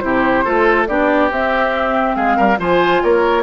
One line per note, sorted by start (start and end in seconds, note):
0.00 0.46 C3
0.00 0.45 E4
0.00 0.45 G4
0.00 0.86 C5
0.45 0.89 A3
0.45 0.88 F4
0.45 0.88 A4
0.87 1.31 B3
0.87 1.31 D4
0.87 2.17 G4
0.87 1.30 D5
1.31 2.58 C4
1.31 2.16 C4
1.31 2.16 E5
2.16 2.37 G#3
2.16 2.37 G#4
2.16 2.59 F5
2.37 2.59 G3
2.37 2.58 A#4
2.58 3.02 F3
2.58 3.43 F4
2.58 3.03 C5
2.58 3.04 G#5
3.04 3.43 A#3
3.04 3.43 A#4
3.04 3.43 C#5